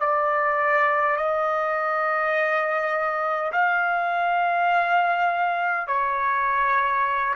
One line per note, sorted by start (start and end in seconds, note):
0.00 1.17 D5
1.17 3.52 D#5
3.52 5.88 F5
5.88 7.35 C#5